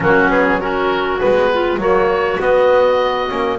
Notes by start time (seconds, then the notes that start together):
0.00 F#3 A#3 C#4 F#4
0.29 B3 G#4
0.60 C#4 F#4 A#4
1.19 G#3 B3 B4
1.52 F4
1.77 F#3 A#3 F#4 C#5
2.39 B3 D#5
3.28 A#3 C#4